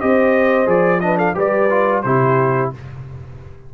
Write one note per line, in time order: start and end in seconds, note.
0.00 0.67 C4
0.00 0.66 G4
0.00 1.03 C5
0.00 0.68 D#5
0.66 1.35 F3
0.66 1.00 G#4
0.66 1.00 D5
1.00 1.34 D4
1.00 1.17 B4
1.00 1.17 D#5
1.17 1.34 A4
1.17 1.35 F5
1.34 2.04 G3
1.34 1.68 G4
1.34 2.04 B4
1.34 2.02 D5
1.70 2.04 F4
2.02 2.72 C3
2.02 2.74 E4
2.02 2.73 G4
2.02 2.70 C5